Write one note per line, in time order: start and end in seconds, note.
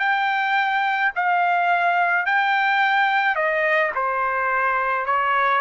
0.00 1.12 G5
1.16 2.27 F5
2.27 3.36 G5
3.36 3.92 D#5
3.96 5.06 C5
5.06 5.62 C#5